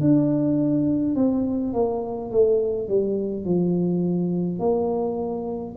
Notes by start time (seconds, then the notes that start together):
0.00 D4
1.15 C4
1.73 A#3
2.31 A3
2.88 G3
3.45 F3
4.59 A#3